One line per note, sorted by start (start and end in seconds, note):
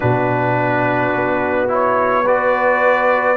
0.00 1.14 B2
0.00 1.68 D4
0.00 2.23 F#4
0.00 1.70 B4
1.14 3.37 B3
1.68 2.24 E4
1.68 2.27 C#5
2.23 3.37 F#4
2.23 3.36 B4
2.23 3.37 D5